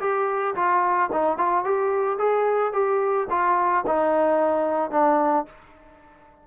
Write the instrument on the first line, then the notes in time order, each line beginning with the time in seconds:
trombone
0.00 G4
0.55 F4
1.12 D#4
1.38 F4
1.64 G4
2.18 G#4
2.73 G4
3.30 F4
3.87 D#4
4.91 D4